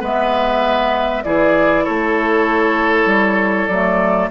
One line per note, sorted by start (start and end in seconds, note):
0.00 1.24 G#3
0.00 1.23 B3
0.00 1.22 B4
0.00 1.24 E5
1.24 1.86 E3
1.24 3.70 E4
1.24 1.84 G#4
1.24 1.85 D5
1.84 3.06 A3
1.84 4.29 A4
1.84 3.67 C#5
3.06 3.67 G3
3.67 4.30 F#3
3.67 4.30 A3
3.67 4.29 D5